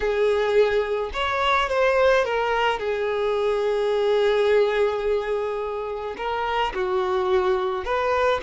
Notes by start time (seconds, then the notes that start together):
0.00 G#4
1.13 C#5
1.69 C5
2.24 A#4
2.79 G#4
6.17 A#4
6.74 F#4
7.84 B4